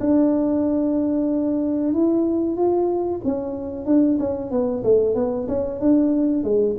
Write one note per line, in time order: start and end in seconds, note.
0.00 1.93 D4
1.93 2.56 E4
2.56 3.21 F4
3.24 3.86 C#4
3.86 4.18 D4
4.19 4.51 C#4
4.51 4.83 B3
4.84 5.15 A3
5.15 5.47 B3
5.48 5.80 C#4
5.80 6.43 D4
6.43 6.76 G#3